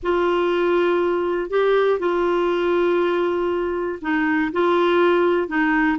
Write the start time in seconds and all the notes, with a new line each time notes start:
0.02 F4
1.50 G4
1.99 F4
4.01 D#4
4.52 F4
5.48 D#4